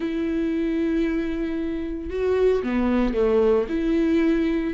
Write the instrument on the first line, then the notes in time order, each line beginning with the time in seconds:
viola
0.00 E4
2.10 F#4
2.63 B3
3.14 A3
3.68 E4